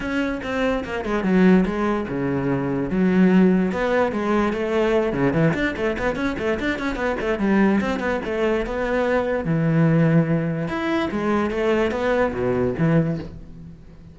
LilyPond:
\new Staff \with { instrumentName = "cello" } { \time 4/4 \tempo 4 = 146 cis'4 c'4 ais8 gis8 fis4 | gis4 cis2 fis4~ | fis4 b4 gis4 a4~ | a8 cis8 e8 d'8 a8 b8 cis'8 a8 |
d'8 cis'8 b8 a8 g4 c'8 b8 | a4 b2 e4~ | e2 e'4 gis4 | a4 b4 b,4 e4 | }